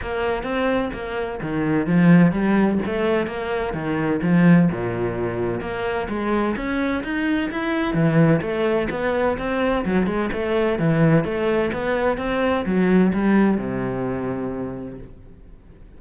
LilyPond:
\new Staff \with { instrumentName = "cello" } { \time 4/4 \tempo 4 = 128 ais4 c'4 ais4 dis4 | f4 g4 a4 ais4 | dis4 f4 ais,2 | ais4 gis4 cis'4 dis'4 |
e'4 e4 a4 b4 | c'4 fis8 gis8 a4 e4 | a4 b4 c'4 fis4 | g4 c2. | }